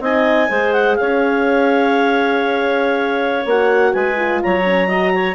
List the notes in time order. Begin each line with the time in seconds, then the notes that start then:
0.00 C4 D#4 D#5 G#5
0.49 G#3 G#4 C5
0.72 F#5
0.95 C#4 C#5 F5
3.45 A#3 F#4 F#5
3.93 G#3 B4 G#5
4.16 F4
4.42 F#3 C#5 A#5
4.64 C#4
4.87 F#4 D#5
5.14 C#5